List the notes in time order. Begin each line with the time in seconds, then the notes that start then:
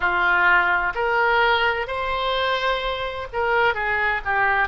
0.00 F4
0.94 A#4
1.87 C5
3.32 A#4
3.74 G#4
4.24 G4